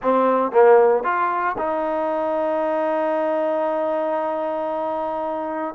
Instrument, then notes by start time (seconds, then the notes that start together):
trombone
0.02 C4
0.51 A#3
1.03 F4
1.58 D#4